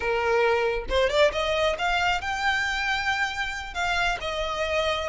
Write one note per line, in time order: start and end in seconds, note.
0.00 0.85 A#4
0.89 1.09 C5
1.09 1.31 D5
1.32 1.76 D#5
1.78 2.21 F5
2.21 3.74 G5
3.74 4.18 F5
4.21 5.09 D#5